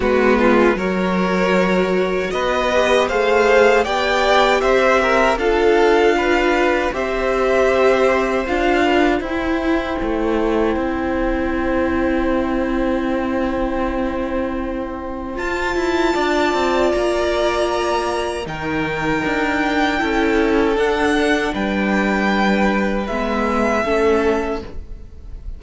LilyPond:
<<
  \new Staff \with { instrumentName = "violin" } { \time 4/4 \tempo 4 = 78 b'4 cis''2 dis''4 | f''4 g''4 e''4 f''4~ | f''4 e''2 f''4 | g''1~ |
g''1 | a''2 ais''2 | g''2. fis''4 | g''2 e''2 | }
  \new Staff \with { instrumentName = "violin" } { \time 4/4 fis'8 f'8 ais'2 b'4 | c''4 d''4 c''8 ais'8 a'4 | b'4 c''2~ c''8 b'8 | c''1~ |
c''1~ | c''4 d''2. | ais'2 a'2 | b'2. a'4 | }
  \new Staff \with { instrumentName = "viola" } { \time 4/4 b4 fis'2~ fis'8 g'8 | gis'4 g'2 f'4~ | f'4 g'2 f'4 | e'1~ |
e'1 | f'1 | dis'2 e'4 d'4~ | d'2 b4 cis'4 | }
  \new Staff \with { instrumentName = "cello" } { \time 4/4 gis4 fis2 b4 | a4 b4 c'4 d'4~ | d'4 c'2 d'4 | e'4 a4 c'2~ |
c'1 | f'8 e'8 d'8 c'8 ais2 | dis4 d'4 cis'4 d'4 | g2 gis4 a4 | }
>>